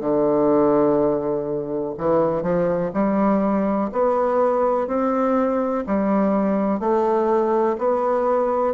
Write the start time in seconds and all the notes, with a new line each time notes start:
0.00 D3
1.98 E3
2.42 F3
2.93 G3
3.92 B3
4.87 C4
5.86 G3
6.80 A3
7.78 B3